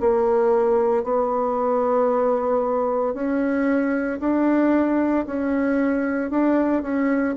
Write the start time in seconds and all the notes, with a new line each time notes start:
0.00 A#3
1.04 B3
3.14 C#4
4.20 D4
5.26 C#4
6.31 D4
6.83 C#4